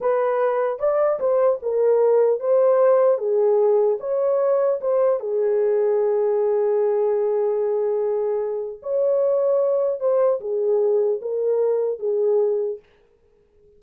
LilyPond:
\new Staff \with { instrumentName = "horn" } { \time 4/4 \tempo 4 = 150 b'2 d''4 c''4 | ais'2 c''2 | gis'2 cis''2 | c''4 gis'2.~ |
gis'1~ | gis'2 cis''2~ | cis''4 c''4 gis'2 | ais'2 gis'2 | }